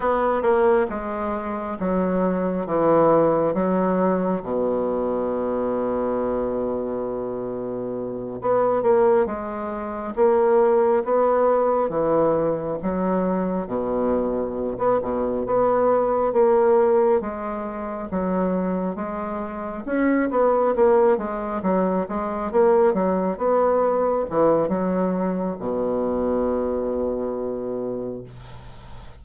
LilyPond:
\new Staff \with { instrumentName = "bassoon" } { \time 4/4 \tempo 4 = 68 b8 ais8 gis4 fis4 e4 | fis4 b,2.~ | b,4. b8 ais8 gis4 ais8~ | ais8 b4 e4 fis4 b,8~ |
b,8. b16 b,8 b4 ais4 gis8~ | gis8 fis4 gis4 cis'8 b8 ais8 | gis8 fis8 gis8 ais8 fis8 b4 e8 | fis4 b,2. | }